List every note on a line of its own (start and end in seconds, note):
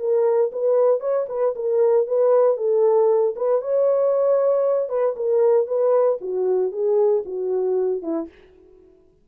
0.00 0.52 A#4
0.53 1.01 B4
1.01 1.27 C#5
1.29 1.55 B4
1.56 2.07 A#4
2.07 2.57 B4
2.57 3.35 A4
3.36 3.62 B4
3.62 4.90 C#5
4.90 5.16 B4
5.17 5.68 A#4
5.68 6.19 B4
6.21 6.72 F#4
6.72 7.24 G#4
7.26 8.03 F#4
8.03 8.29 E4